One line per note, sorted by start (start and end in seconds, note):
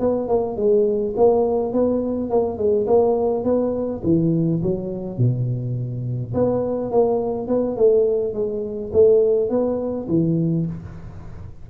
0.00 0.28 B3
0.28 0.57 A#3
0.57 1.15 G#3
1.17 1.73 A#3
1.73 2.30 B3
2.30 2.58 A#3
2.58 2.87 G#3
2.87 3.44 A#3
3.44 4.02 B3
4.04 4.61 E3
4.63 5.18 F#3
5.18 6.33 B2
6.34 6.92 B3
6.92 7.48 A#3
7.48 7.76 B3
7.77 8.34 A3
8.34 8.91 G#3
8.93 9.50 A3
9.50 10.08 B3
10.09 10.66 E3